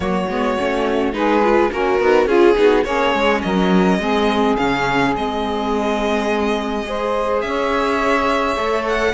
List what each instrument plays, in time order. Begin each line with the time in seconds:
0.00 cello F#3, viola A#3, saxophone F#4, violin C#5
0.29 cello G#3, viola B3
0.58 cello A3, viola C#4
1.12 cello G#3, viola D#4, saxophone G#4, violin B4
1.43 viola F4
1.71 cello A#3, saxophone C#4, viola F#4, violin A#4
1.99 cello B3, saxophone D#4
2.25 cello C#4, saxophone F4, viola F4, violin G#4
2.54 cello B3, viola D#4, saxophone F#4
2.84 cello A#3, viola C#4, saxophone G#4, violin C#5
3.14 cello G#3
3.41 cello F#3, saxophone A#4, violin D#5
3.98 cello G#3, viola C4, saxophone G#4
4.56 cello C#3, viola C#4, violin F5
5.15 cello G#3, viola C4, violin D#5
6.85 viola G#4, saxophone C5
7.40 cello C#4, violin E5
7.47 saxophone C#5
8.56 cello A3, viola A4
8.87 violin F#5